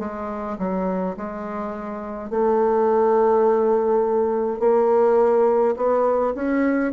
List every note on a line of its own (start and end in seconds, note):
0.00 0.58 G#3
0.59 1.16 F#3
1.17 2.30 G#3
2.30 4.60 A3
4.60 5.75 A#3
5.77 6.35 B3
6.35 6.93 C#4